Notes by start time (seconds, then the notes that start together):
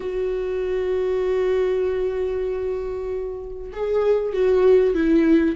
0.00 F#4
3.72 G#4
4.33 F#4
4.94 E4